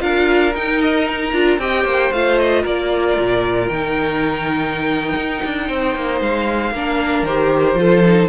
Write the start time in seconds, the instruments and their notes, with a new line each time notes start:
0.00 cello D4, viola F4, violin A#4 F5
0.55 cello D#4, viola D#4, violin G5
0.82 violin D#5
1.08 violin A#5
1.33 cello D4, viola F4
1.58 cello C4, viola G4, violin D#5 G5
1.84 cello A#3, violin C5
2.12 cello A3, viola F4, violin F5
2.39 violin D#5
2.62 cello A#3, violin A#4 D5
3.19 cello A#2
3.69 cello D#3, viola D#4, violin G5
5.16 cello D#4
5.45 cello D4
5.68 cello C4, violin C5
5.96 cello A#3
6.21 cello G#3, violin F5
6.72 cello A#3, viola D4, violin A#4
7.23 cello D#3, viola G4, violin C5
7.74 cello F3, viola F4, violin A4
8.06 viola D#4